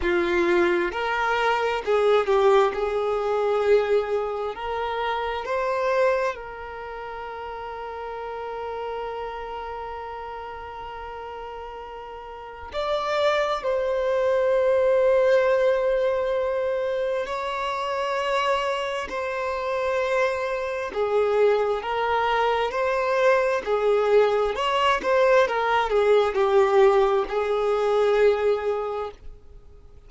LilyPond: \new Staff \with { instrumentName = "violin" } { \time 4/4 \tempo 4 = 66 f'4 ais'4 gis'8 g'8 gis'4~ | gis'4 ais'4 c''4 ais'4~ | ais'1~ | ais'2 d''4 c''4~ |
c''2. cis''4~ | cis''4 c''2 gis'4 | ais'4 c''4 gis'4 cis''8 c''8 | ais'8 gis'8 g'4 gis'2 | }